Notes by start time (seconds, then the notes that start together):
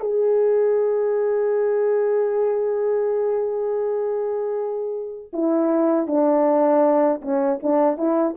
0.00 G#4
5.33 E4
6.07 D4
7.22 C#4
7.62 D4
7.97 E4